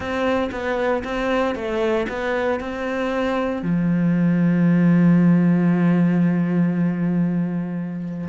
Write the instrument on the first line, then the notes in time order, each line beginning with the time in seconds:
cello
0.00 C4
0.51 B3
1.03 C4
1.55 A3
2.08 B3
2.60 C4
3.62 F3